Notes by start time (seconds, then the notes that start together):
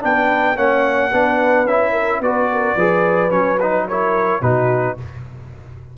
0.00 B3 D4 B4 G5
0.55 A#3 C#4 C#5 F#5
1.11 B3 D4 B4
1.65 C#4 E4 E5
1.91 A#4
2.20 B3 F#4 B4 D5
2.52 A#4
2.74 F3 G#4 B4
3.30 F#3 C#4 C#5
3.60 D#4 B4
3.88 E4 A#4 C#5
4.41 B2 D#4 F#4 B4